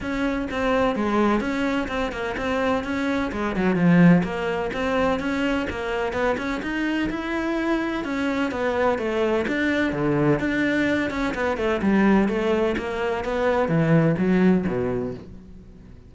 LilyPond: \new Staff \with { instrumentName = "cello" } { \time 4/4 \tempo 4 = 127 cis'4 c'4 gis4 cis'4 | c'8 ais8 c'4 cis'4 gis8 fis8 | f4 ais4 c'4 cis'4 | ais4 b8 cis'8 dis'4 e'4~ |
e'4 cis'4 b4 a4 | d'4 d4 d'4. cis'8 | b8 a8 g4 a4 ais4 | b4 e4 fis4 b,4 | }